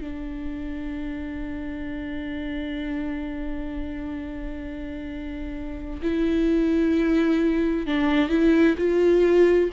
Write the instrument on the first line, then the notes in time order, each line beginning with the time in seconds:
viola
0.00 D4
6.02 E4
7.86 D4
8.29 E4
8.77 F4